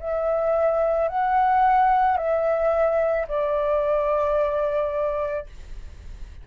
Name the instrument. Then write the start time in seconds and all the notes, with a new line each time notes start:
flute
0.00 E5
1.09 F#5
2.17 E5
3.28 D5